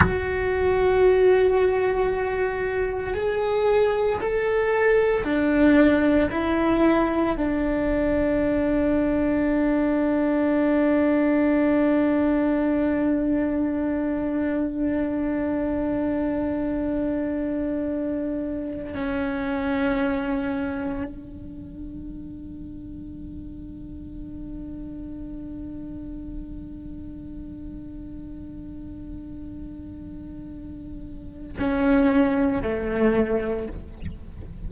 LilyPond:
\new Staff \with { instrumentName = "cello" } { \time 4/4 \tempo 4 = 57 fis'2. gis'4 | a'4 d'4 e'4 d'4~ | d'1~ | d'1~ |
d'2 cis'2 | d'1~ | d'1~ | d'2 cis'4 a4 | }